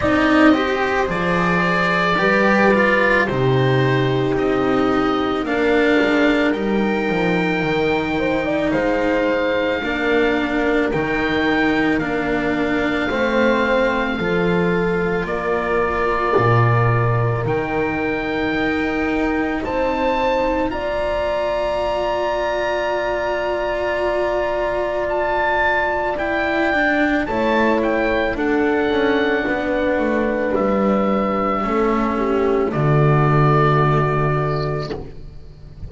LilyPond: <<
  \new Staff \with { instrumentName = "oboe" } { \time 4/4 \tempo 4 = 55 dis''4 d''2 c''4 | dis''4 f''4 g''2 | f''2 g''4 f''4~ | f''2 d''2 |
g''2 a''4 ais''4~ | ais''2. a''4 | g''4 a''8 g''8 fis''2 | e''2 d''2 | }
  \new Staff \with { instrumentName = "horn" } { \time 4/4 d''8 c''4. b'4 g'4~ | g'4 ais'2~ ais'8 c''16 d''16 | c''4 ais'2. | c''4 a'4 ais'2~ |
ais'2 c''4 d''4~ | d''1~ | d''4 cis''4 a'4 b'4~ | b'4 a'8 g'8 fis'2 | }
  \new Staff \with { instrumentName = "cello" } { \time 4/4 dis'8 g'8 gis'4 g'8 f'8 dis'4~ | dis'4 d'4 dis'2~ | dis'4 d'4 dis'4 d'4 | c'4 f'2. |
dis'2. f'4~ | f'1 | e'8 d'8 e'4 d'2~ | d'4 cis'4 a2 | }
  \new Staff \with { instrumentName = "double bass" } { \time 4/4 c'4 f4 g4 c4 | c'4 ais8 gis8 g8 f8 dis4 | gis4 ais4 dis4 ais4 | a4 f4 ais4 ais,4 |
dis4 dis'4 c'4 ais4~ | ais1~ | ais4 a4 d'8 cis'8 b8 a8 | g4 a4 d2 | }
>>